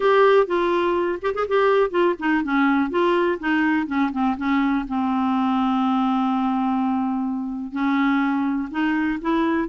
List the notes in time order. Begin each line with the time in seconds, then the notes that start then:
0.00 G4
0.46 F4
1.21 G4
1.34 G#4
1.48 G4
1.90 F4
2.19 D#4
2.43 C#4
2.89 F4
3.39 D#4
3.86 C#4
4.12 C4
4.37 C#4
4.88 C4
7.72 C#4
8.70 D#4
9.21 E4